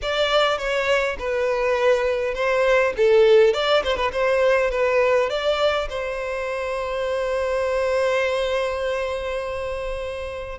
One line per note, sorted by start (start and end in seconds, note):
0.02 0.57 D5
0.57 1.16 C#5
1.18 2.34 B4
2.34 2.93 C5
2.96 3.53 A4
3.53 3.83 D5
3.83 3.96 C5
3.96 4.11 B4
4.12 4.70 C5
4.70 5.29 B4
5.29 5.88 D5
5.89 10.58 C5